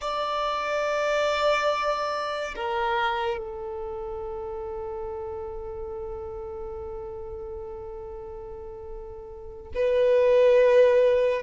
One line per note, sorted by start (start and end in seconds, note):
0.01 2.54 D5
2.55 3.37 A#4
3.37 9.71 A4
9.75 11.42 B4